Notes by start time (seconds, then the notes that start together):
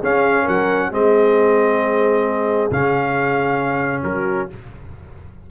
0.00 C#4 G#4 F5
0.43 F#3 A#4 F#5
0.89 G#3 C4 G#4 D#5
2.71 C#3 C#4 F5
4.04 F#3 F#4 A#4